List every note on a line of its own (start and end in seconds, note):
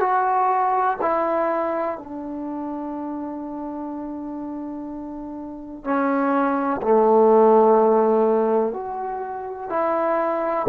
0.00 0.97 F#4
1.01 1.98 E4
1.98 5.84 D4
5.84 6.80 C#4
6.82 8.73 A3
8.73 9.70 F#4
9.70 10.66 E4